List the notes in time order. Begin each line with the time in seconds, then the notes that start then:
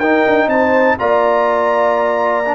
0.00 D#4 A#4 G5
0.27 D4
0.47 C4 C5 A5
0.99 A#3 F4 D5 A#5
2.46 D4